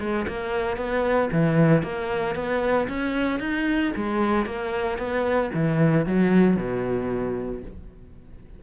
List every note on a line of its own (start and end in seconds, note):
0.00 0.26 G#3
0.28 0.78 A#3
0.78 1.30 B3
1.33 1.83 E3
1.83 2.36 A#3
2.36 2.88 B3
2.89 3.40 C#4
3.40 3.93 D#4
3.97 4.46 G#3
4.46 4.98 A#3
4.98 5.51 B3
5.55 6.06 E3
6.06 6.57 F#3
6.57 7.62 B2